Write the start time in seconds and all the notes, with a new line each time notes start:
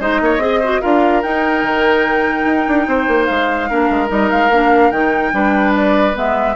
0.00 G#3 D#4 C5 D#5
0.21 A#3 C#5
0.38 C4 G#4 D#5
0.60 F#4 C5
0.81 D4 F4 A#4 F5
1.23 D#4 G5
1.63 D#3
2.45 D#4
2.68 D4
2.87 C4 C5
3.08 A#3
3.26 G#3 F5
3.69 A#3 D4 A#4
3.90 G#3
4.07 G3 D#4 D#5
4.30 G#3 F5
4.50 A#3 D4
4.91 D#3 D#4 G5
5.32 G3 D4 B4
5.76 D5
6.14 G#3 B3 E5